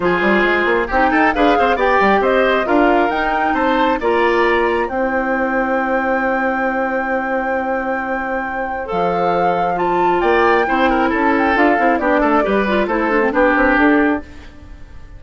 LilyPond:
<<
  \new Staff \with { instrumentName = "flute" } { \time 4/4 \tempo 4 = 135 c''2 g''4 f''4 | g''4 dis''4 f''4 g''4 | a''4 ais''2 g''4~ | g''1~ |
g''1 | f''2 a''4 g''4~ | g''4 a''8 g''8 f''4 d''4~ | d''4 c''4 b'4 a'4 | }
  \new Staff \with { instrumentName = "oboe" } { \time 4/4 gis'2 g'8 a'8 b'8 c''8 | d''4 c''4 ais'2 | c''4 d''2 c''4~ | c''1~ |
c''1~ | c''2. d''4 | c''8 ais'8 a'2 g'8 a'8 | b'4 a'4 g'2 | }
  \new Staff \with { instrumentName = "clarinet" } { \time 4/4 f'2 dis'4 gis'4 | g'2 f'4 dis'4~ | dis'4 f'2 e'4~ | e'1~ |
e'1 | a'2 f'2 | e'2 f'8 e'8 d'4 | g'8 f'8 e'8 d'16 c'16 d'2 | }
  \new Staff \with { instrumentName = "bassoon" } { \time 4/4 f8 g8 gis8 ais8 c'8 dis'8 d'8 c'8 | b8 g8 c'4 d'4 dis'4 | c'4 ais2 c'4~ | c'1~ |
c'1 | f2. ais4 | c'4 cis'4 d'8 c'8 b8 a8 | g4 a4 b8 c'8 d'4 | }
>>